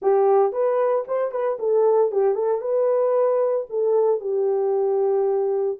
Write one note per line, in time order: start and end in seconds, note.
0.02 0.52 G4
0.52 1.05 B4
1.07 1.31 C5
1.31 1.58 B4
1.59 2.11 A4
2.11 2.34 G4
2.34 2.61 A4
2.61 3.66 B4
3.69 4.20 A4
4.20 5.78 G4